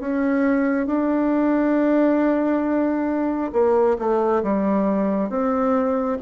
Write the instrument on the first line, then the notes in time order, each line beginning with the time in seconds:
bassoon
0.00 C#4
0.87 D4
3.53 A#3
3.99 A3
4.43 G3
5.30 C4